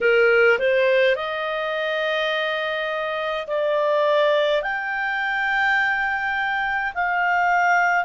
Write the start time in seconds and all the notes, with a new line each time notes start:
0.00 A#4
0.58 C5
1.15 D#5
3.47 D5
4.62 G5
6.94 F5